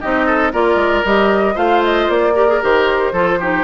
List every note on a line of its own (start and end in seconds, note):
0.00 0.52 C4
0.00 0.52 D#4
0.00 0.25 G4
0.00 0.52 D#5
0.25 0.52 A4
0.52 0.75 A#3
0.52 1.04 F4
0.52 1.55 A#4
0.52 1.05 D5
0.75 1.01 G#3
1.04 1.56 G3
1.04 1.55 G4
1.04 1.57 D#5
1.55 2.08 A3
1.55 2.33 F4
1.55 2.33 C5
1.55 1.83 F5
1.84 2.10 D#5
2.08 2.60 A#3
2.08 2.62 D5
2.34 2.47 G4
2.34 3.12 A#4
2.48 2.61 G#4
2.61 3.12 D#3
2.61 3.14 G4
2.61 3.64 C5
3.12 3.64 F3
3.12 3.40 F4
3.12 3.38 A4
3.39 3.64 D#4
3.39 3.64 G4